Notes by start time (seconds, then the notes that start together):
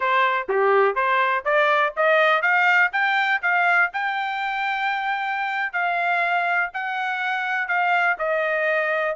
0.00 C5
0.48 G4
0.95 C5
1.44 D5
1.96 D#5
2.41 F5
2.92 G5
3.42 F5
3.93 G5
5.72 F5
6.73 F#5
7.68 F5
8.18 D#5